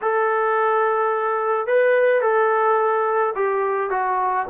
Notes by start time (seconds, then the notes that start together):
0.01 A4
1.66 B4
2.21 A4
3.35 G4
3.90 F#4